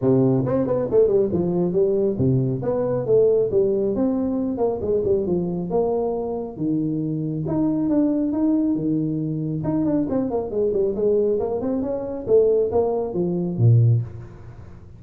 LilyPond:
\new Staff \with { instrumentName = "tuba" } { \time 4/4 \tempo 4 = 137 c4 c'8 b8 a8 g8 f4 | g4 c4 b4 a4 | g4 c'4. ais8 gis8 g8 | f4 ais2 dis4~ |
dis4 dis'4 d'4 dis'4 | dis2 dis'8 d'8 c'8 ais8 | gis8 g8 gis4 ais8 c'8 cis'4 | a4 ais4 f4 ais,4 | }